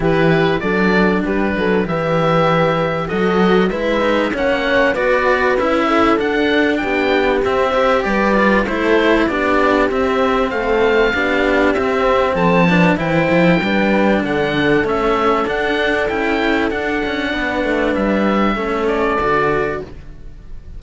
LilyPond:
<<
  \new Staff \with { instrumentName = "oboe" } { \time 4/4 \tempo 4 = 97 b'4 d''4 b'4 e''4~ | e''4 dis''4 e''4 fis''4 | d''4 e''4 fis''4 g''4 | e''4 d''4 c''4 d''4 |
e''4 f''2 e''4 | a''4 g''2 fis''4 | e''4 fis''4 g''4 fis''4~ | fis''4 e''4. d''4. | }
  \new Staff \with { instrumentName = "horn" } { \time 4/4 g'4 a'4 g'8 a'8 b'4~ | b'4 a'4 b'4 cis''4 | b'4. a'4. g'4~ | g'8 c''8 b'4 a'4 g'4~ |
g'4 a'4 g'2 | a'8 b'8 c''4 b'4 a'4~ | a'1 | b'2 a'2 | }
  \new Staff \with { instrumentName = "cello" } { \time 4/4 e'4 d'2 g'4~ | g'4 fis'4 e'8 dis'8 cis'4 | fis'4 e'4 d'2 | c'8 g'4 f'8 e'4 d'4 |
c'2 d'4 c'4~ | c'8 d'8 e'4 d'2 | cis'4 d'4 e'4 d'4~ | d'2 cis'4 fis'4 | }
  \new Staff \with { instrumentName = "cello" } { \time 4/4 e4 fis4 g8 fis8 e4~ | e4 fis4 gis4 ais4 | b4 cis'4 d'4 b4 | c'4 g4 a4 b4 |
c'4 a4 b4 c'4 | f4 e8 f8 g4 d4 | a4 d'4 cis'4 d'8 cis'8 | b8 a8 g4 a4 d4 | }
>>